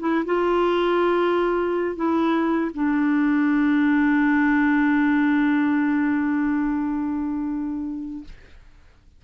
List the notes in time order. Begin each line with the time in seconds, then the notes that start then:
0.00 E4
0.26 F4
1.96 E4
2.75 D4